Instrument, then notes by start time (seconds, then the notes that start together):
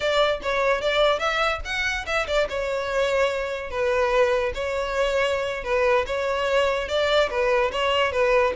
violin
0.00 D5
0.42 C#5
0.81 D5
1.19 E5
1.64 F#5
2.06 E5
2.27 D5
2.49 C#5
3.70 B4
4.54 C#5
5.64 B4
6.06 C#5
6.88 D5
7.30 B4
7.71 C#5
8.12 B4